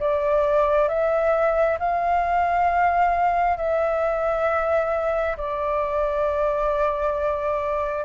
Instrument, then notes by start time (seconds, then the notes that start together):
flute
0.00 D5
0.89 E5
1.79 F5
3.58 E5
5.37 D5